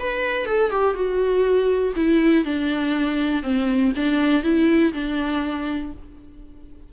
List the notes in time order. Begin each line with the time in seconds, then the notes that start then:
0.00 B4
0.46 A4
0.71 G4
0.95 F#4
1.97 E4
2.45 D4
3.43 C4
3.97 D4
4.44 E4
4.94 D4